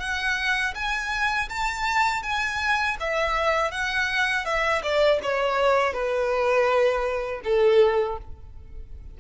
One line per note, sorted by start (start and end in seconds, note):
0.00 0.74 F#5
0.75 1.49 G#5
1.49 2.23 A5
2.23 2.97 G#5
3.00 3.71 E5
3.71 4.45 F#5
4.45 4.82 E5
4.83 5.20 D5
5.23 5.93 C#5
5.93 7.41 B4
7.44 8.18 A4